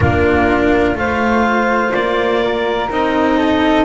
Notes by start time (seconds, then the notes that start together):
0.00 A#3 D4 F4 A#4
0.95 A3 F4 C5 F5
1.92 A#3 D5
2.43 A#4
2.90 C4 D#4 D#5
3.37 A4